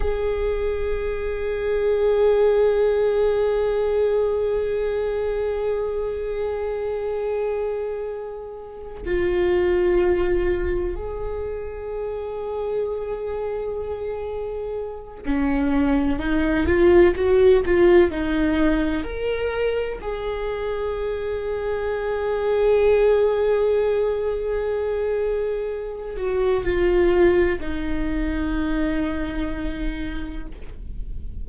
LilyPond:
\new Staff \with { instrumentName = "viola" } { \time 4/4 \tempo 4 = 63 gis'1~ | gis'1~ | gis'4. f'2 gis'8~ | gis'1 |
cis'4 dis'8 f'8 fis'8 f'8 dis'4 | ais'4 gis'2.~ | gis'2.~ gis'8 fis'8 | f'4 dis'2. | }